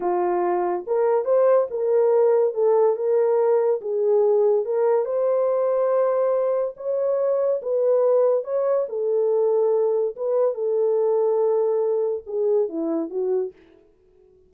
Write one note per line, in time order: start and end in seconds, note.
0.00 0.85 F4
0.86 1.24 A#4
1.24 1.67 C5
1.70 2.54 A#4
2.54 2.96 A4
2.96 3.80 A#4
3.81 4.65 G#4
4.65 5.05 A#4
5.05 6.74 C5
6.76 7.61 C#5
7.62 8.44 B4
8.44 8.86 C#5
8.88 10.15 A4
10.16 10.54 B4
10.54 12.23 A4
12.26 12.68 G#4
12.68 13.10 E4
13.10 13.52 F#4